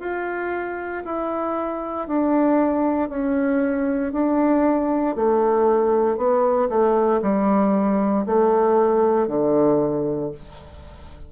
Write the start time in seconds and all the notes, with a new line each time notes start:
0.00 F4
1.05 E4
2.08 D4
3.09 C#4
4.12 D4
5.16 A3
6.17 B3
6.70 A3
7.22 G3
8.26 A3
9.28 D3